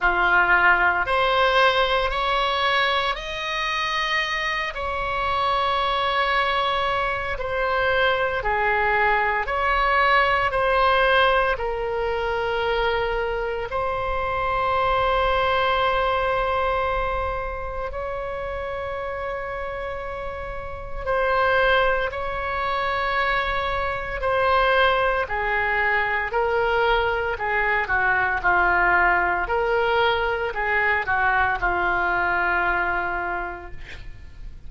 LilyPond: \new Staff \with { instrumentName = "oboe" } { \time 4/4 \tempo 4 = 57 f'4 c''4 cis''4 dis''4~ | dis''8 cis''2~ cis''8 c''4 | gis'4 cis''4 c''4 ais'4~ | ais'4 c''2.~ |
c''4 cis''2. | c''4 cis''2 c''4 | gis'4 ais'4 gis'8 fis'8 f'4 | ais'4 gis'8 fis'8 f'2 | }